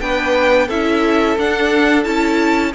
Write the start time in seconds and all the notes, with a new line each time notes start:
0.00 B3 D4 B4 G5
0.67 C#4 E4 A4 E5
1.37 D4 F#5
2.03 C#4 E4 A5